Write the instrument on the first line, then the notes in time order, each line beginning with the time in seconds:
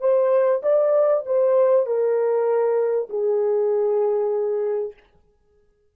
horn
0.00 C5
0.62 D5
1.26 C5
1.86 A#4
3.09 G#4